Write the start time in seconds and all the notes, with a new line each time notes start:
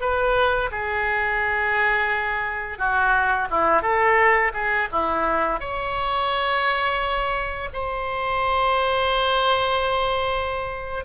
0.00 B4
0.71 G#4
2.78 F#4
3.50 E4
3.82 A4
4.53 G#4
4.91 E4
5.60 C#5
7.73 C5